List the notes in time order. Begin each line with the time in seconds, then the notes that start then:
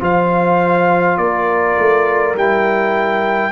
0.00 F3 F4 C5 F5
1.17 A#3 A#4 D5
1.79 A3
2.35 G3 E4 G5